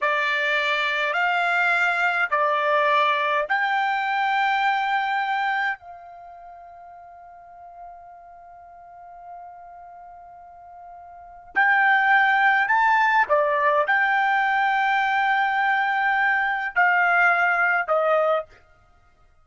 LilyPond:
\new Staff \with { instrumentName = "trumpet" } { \time 4/4 \tempo 4 = 104 d''2 f''2 | d''2 g''2~ | g''2 f''2~ | f''1~ |
f''1 | g''2 a''4 d''4 | g''1~ | g''4 f''2 dis''4 | }